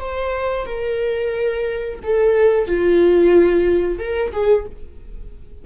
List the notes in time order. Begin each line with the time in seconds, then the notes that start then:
0.00 C5
0.66 A#4
2.04 A4
2.68 F4
3.99 A#4
4.33 G#4